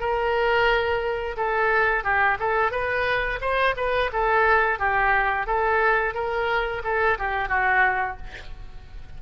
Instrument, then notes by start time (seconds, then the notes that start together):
oboe
0.00 A#4
1.37 A4
2.04 G4
2.40 A4
2.71 B4
3.41 C5
3.77 B4
4.13 A4
4.79 G4
5.47 A4
6.14 A#4
6.84 A4
7.19 G4
7.49 F#4